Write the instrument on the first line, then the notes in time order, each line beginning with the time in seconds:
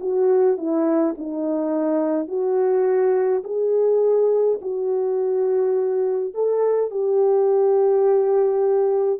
horn
0.00 F#4
0.57 E4
1.18 D#4
2.28 F#4
3.44 G#4
4.62 F#4
6.34 A4
6.91 G4